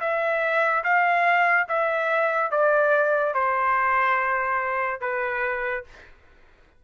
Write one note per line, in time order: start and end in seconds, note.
0.00 0.83 E5
0.83 1.67 F5
1.69 2.51 E5
2.51 3.34 D5
3.34 5.00 C5
5.00 5.84 B4